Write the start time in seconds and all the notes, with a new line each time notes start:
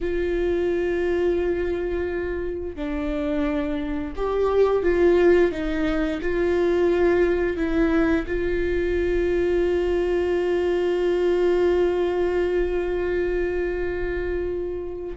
0.00 F4
2.75 D4
4.15 G4
4.82 F4
5.51 D#4
6.21 F4
7.56 E4
8.27 F4